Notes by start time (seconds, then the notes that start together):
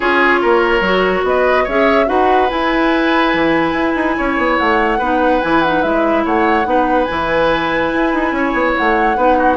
0.00 C#4 F4 G#4 C#5
0.41 A#3 A#4
0.80 F#3 F#4
1.23 B3 B4 D#5
1.64 C#4 G#4 C#5 E5
2.06 D#4 F#4 B4 F#5
2.49 E4 G#5
3.33 E3
3.72 E4
3.95 D#4
4.17 C#4 C#5
4.37 B3
4.58 A3 F#5
4.98 B3 D#4 B4
5.41 E3 E4 G#5
5.62 D#4 F#5
5.82 G#3 E4 E5
6.25 A3 C#5 F#5
6.64 B3 D#4 B4
7.04 E4 G#5
7.10 E3
7.93 E4
8.13 D#4
8.31 C#4 C#5
8.53 B3
8.76 A3 F#5
9.16 B3 D#4 B4
9.37 F#4